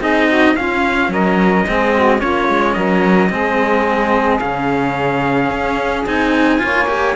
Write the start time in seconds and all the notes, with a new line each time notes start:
0.00 C4 D#4 G#4 D#5
0.28 F#4
0.56 C#4 F4 F5
1.09 F#3 A#4 D#5
1.67 G#3 C4 G#4
1.95 F#4
2.19 A#3 C#4 F4 C#5
2.49 G#3
2.74 F#3 A#4 D#5
3.30 G#3 C4 G#4
4.40 C#3 C#4 F5
5.50 C#4
6.06 C4 D#4 G#5
6.59 A#3 F4 C#5
6.87 G4